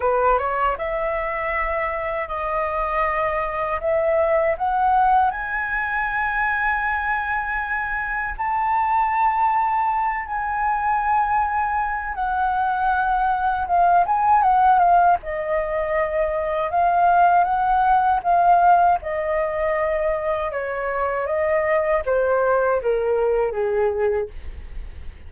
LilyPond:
\new Staff \with { instrumentName = "flute" } { \time 4/4 \tempo 4 = 79 b'8 cis''8 e''2 dis''4~ | dis''4 e''4 fis''4 gis''4~ | gis''2. a''4~ | a''4. gis''2~ gis''8 |
fis''2 f''8 gis''8 fis''8 f''8 | dis''2 f''4 fis''4 | f''4 dis''2 cis''4 | dis''4 c''4 ais'4 gis'4 | }